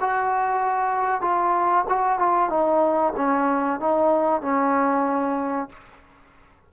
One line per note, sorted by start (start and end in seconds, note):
0.00 1.21 F#4
1.21 1.85 F4
1.89 2.18 F#4
2.18 2.49 F4
2.49 3.13 D#4
3.16 3.79 C#4
3.79 4.41 D#4
4.41 5.69 C#4